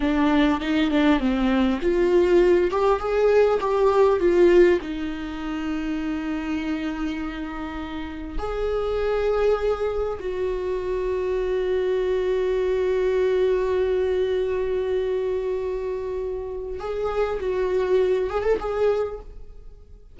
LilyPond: \new Staff \with { instrumentName = "viola" } { \time 4/4 \tempo 4 = 100 d'4 dis'8 d'8 c'4 f'4~ | f'8 g'8 gis'4 g'4 f'4 | dis'1~ | dis'2 gis'2~ |
gis'4 fis'2.~ | fis'1~ | fis'1 | gis'4 fis'4. gis'16 a'16 gis'4 | }